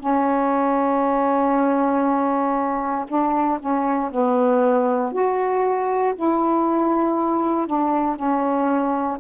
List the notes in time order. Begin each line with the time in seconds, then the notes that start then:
0.00 C#4
3.08 D4
3.60 C#4
4.11 B3
5.13 F#4
6.16 E4
7.67 D4
8.16 C#4